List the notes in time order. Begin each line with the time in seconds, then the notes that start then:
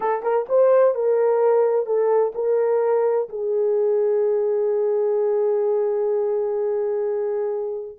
0.00 A4
0.22 A#4
0.48 C5
0.94 A#4
1.85 A4
2.35 A#4
3.29 G#4